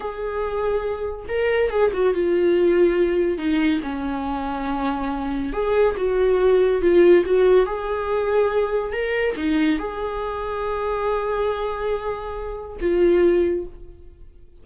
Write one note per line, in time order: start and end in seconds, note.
0.00 1.26 G#4
1.28 1.69 A#4
1.69 1.91 G#4
1.93 2.14 F#4
2.14 3.38 F4
3.38 3.80 D#4
3.82 5.53 C#4
5.53 5.95 G#4
5.97 6.81 F#4
6.81 7.24 F4
7.25 7.66 F#4
7.66 8.92 G#4
8.92 9.35 A#4
9.36 9.79 D#4
9.79 12.76 G#4
12.80 13.65 F4